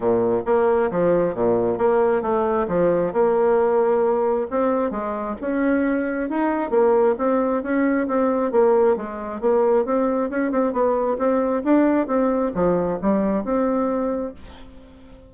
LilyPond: \new Staff \with { instrumentName = "bassoon" } { \time 4/4 \tempo 4 = 134 ais,4 ais4 f4 ais,4 | ais4 a4 f4 ais4~ | ais2 c'4 gis4 | cis'2 dis'4 ais4 |
c'4 cis'4 c'4 ais4 | gis4 ais4 c'4 cis'8 c'8 | b4 c'4 d'4 c'4 | f4 g4 c'2 | }